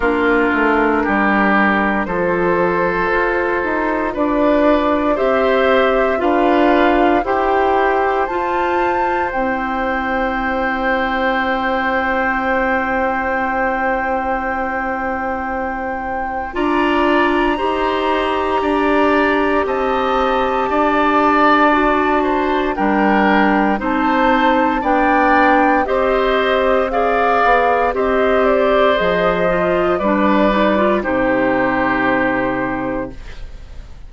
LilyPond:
<<
  \new Staff \with { instrumentName = "flute" } { \time 4/4 \tempo 4 = 58 ais'2 c''2 | d''4 e''4 f''4 g''4 | a''4 g''2.~ | g''1 |
ais''2. a''4~ | a''2 g''4 a''4 | g''4 dis''4 f''4 dis''8 d''8 | dis''4 d''4 c''2 | }
  \new Staff \with { instrumentName = "oboe" } { \time 4/4 f'4 g'4 a'2 | b'4 c''4 b'4 c''4~ | c''1~ | c''1 |
d''4 c''4 d''4 dis''4 | d''4. c''8 ais'4 c''4 | d''4 c''4 d''4 c''4~ | c''4 b'4 g'2 | }
  \new Staff \with { instrumentName = "clarinet" } { \time 4/4 d'2 f'2~ | f'4 g'4 f'4 g'4 | f'4 e'2.~ | e'1 |
f'4 g'2.~ | g'4 fis'4 d'4 dis'4 | d'4 g'4 gis'4 g'4 | gis'8 f'8 d'8 dis'16 f'16 dis'2 | }
  \new Staff \with { instrumentName = "bassoon" } { \time 4/4 ais8 a8 g4 f4 f'8 dis'8 | d'4 c'4 d'4 e'4 | f'4 c'2.~ | c'1 |
d'4 dis'4 d'4 c'4 | d'2 g4 c'4 | b4 c'4. b8 c'4 | f4 g4 c2 | }
>>